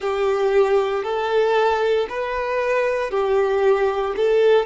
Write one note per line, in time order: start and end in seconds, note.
0.00 1.03 G4
1.03 2.07 A4
2.09 3.10 B4
3.10 4.14 G4
4.16 4.66 A4